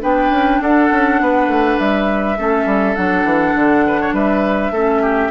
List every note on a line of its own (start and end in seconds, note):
0.00 0.30 B3
0.00 2.35 D4
0.00 0.60 B4
0.00 0.62 G5
0.30 0.59 C#4
0.60 0.89 D4
0.60 1.20 A4
0.60 1.79 F#5
0.91 1.20 C#4
1.20 1.47 B3
1.20 2.38 B4
1.47 1.77 A3
1.79 2.38 G3
1.79 2.95 E5
2.37 2.65 A3
2.37 2.96 C#4
2.37 3.85 A4
2.65 2.95 G3
2.95 3.24 F#3
2.95 4.72 D4
2.95 4.13 F#5
3.24 3.53 E3
3.54 4.12 D3
3.87 4.00 B4
4.00 4.14 C#5
4.12 4.71 G3
4.12 4.72 B4
4.12 5.31 E5
4.71 5.30 A3
4.71 5.31 C#4
4.71 5.02 A4
5.02 5.31 G4